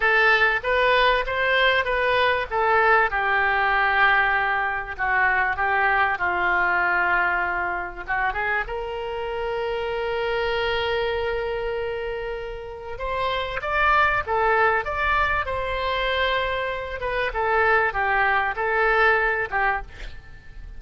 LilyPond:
\new Staff \with { instrumentName = "oboe" } { \time 4/4 \tempo 4 = 97 a'4 b'4 c''4 b'4 | a'4 g'2. | fis'4 g'4 f'2~ | f'4 fis'8 gis'8 ais'2~ |
ais'1~ | ais'4 c''4 d''4 a'4 | d''4 c''2~ c''8 b'8 | a'4 g'4 a'4. g'8 | }